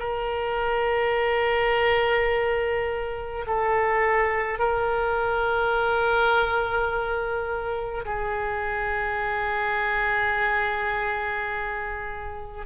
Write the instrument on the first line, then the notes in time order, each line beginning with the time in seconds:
oboe
0.00 A#4
3.47 A4
4.59 A#4
8.06 G#4